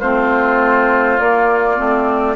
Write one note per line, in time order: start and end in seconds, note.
0.00 1.20 A3
0.00 1.19 C4
0.00 2.35 F4
0.00 1.19 C5
1.19 1.77 A#3
1.19 1.79 A#3
1.19 2.37 D5
1.77 2.37 A3
1.77 2.36 C4